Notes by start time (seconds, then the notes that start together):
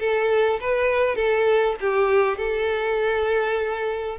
0.00 A4
0.61 B4
1.16 A4
1.81 G4
2.38 A4